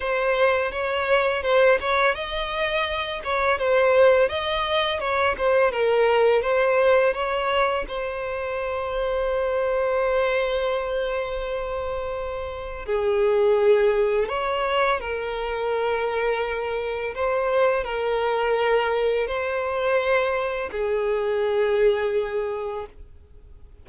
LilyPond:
\new Staff \with { instrumentName = "violin" } { \time 4/4 \tempo 4 = 84 c''4 cis''4 c''8 cis''8 dis''4~ | dis''8 cis''8 c''4 dis''4 cis''8 c''8 | ais'4 c''4 cis''4 c''4~ | c''1~ |
c''2 gis'2 | cis''4 ais'2. | c''4 ais'2 c''4~ | c''4 gis'2. | }